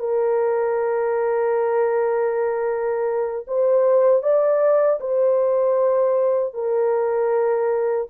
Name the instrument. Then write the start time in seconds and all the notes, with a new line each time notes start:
horn
0.00 A#4
3.48 C5
4.23 D5
5.01 C5
6.54 A#4